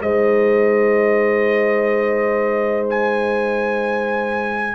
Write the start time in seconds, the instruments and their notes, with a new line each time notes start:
0.00 tuba G#3, trombone D#4, horn C5, trumpet D#5
2.90 trumpet G#5